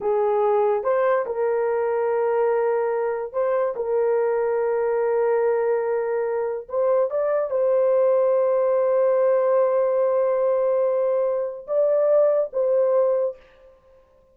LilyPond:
\new Staff \with { instrumentName = "horn" } { \time 4/4 \tempo 4 = 144 gis'2 c''4 ais'4~ | ais'1 | c''4 ais'2.~ | ais'1 |
c''4 d''4 c''2~ | c''1~ | c''1 | d''2 c''2 | }